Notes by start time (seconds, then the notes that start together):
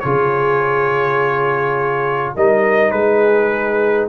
0.00 C#3 F4 G#4 C#5
2.35 G3 D#4 A#4 D#5
2.91 G#3 G#4 B4